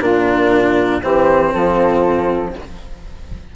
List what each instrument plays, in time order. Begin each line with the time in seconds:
0.00 bassoon A#2, cello D4, saxophone F4, flute A#4
1.01 bassoon E3, cello C4, saxophone G4, flute C5
1.53 bassoon F3, saxophone F4, flute A4